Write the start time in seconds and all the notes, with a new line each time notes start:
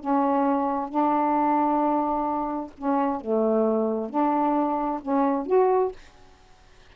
0.00 C#4
0.89 D4
2.78 C#4
3.21 A3
4.10 D4
5.02 C#4
5.47 F#4